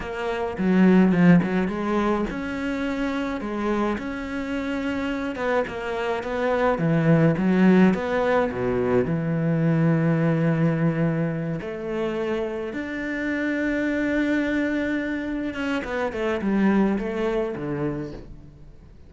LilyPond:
\new Staff \with { instrumentName = "cello" } { \time 4/4 \tempo 4 = 106 ais4 fis4 f8 fis8 gis4 | cis'2 gis4 cis'4~ | cis'4. b8 ais4 b4 | e4 fis4 b4 b,4 |
e1~ | e8 a2 d'4.~ | d'2.~ d'8 cis'8 | b8 a8 g4 a4 d4 | }